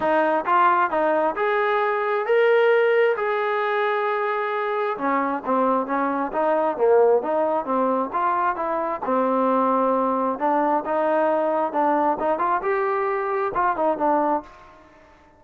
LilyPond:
\new Staff \with { instrumentName = "trombone" } { \time 4/4 \tempo 4 = 133 dis'4 f'4 dis'4 gis'4~ | gis'4 ais'2 gis'4~ | gis'2. cis'4 | c'4 cis'4 dis'4 ais4 |
dis'4 c'4 f'4 e'4 | c'2. d'4 | dis'2 d'4 dis'8 f'8 | g'2 f'8 dis'8 d'4 | }